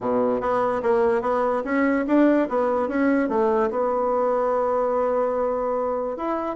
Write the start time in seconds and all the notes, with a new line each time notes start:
0.01 B2
0.40 B3
0.82 A#3
1.21 B3
1.64 C#4
2.07 D4
2.48 B3
2.88 C#4
3.28 A3
3.70 B3
6.16 E4